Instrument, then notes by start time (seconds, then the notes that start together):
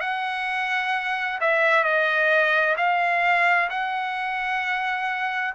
trumpet
0.00 F#5
1.41 E5
1.83 D#5
2.77 F5
3.69 F#5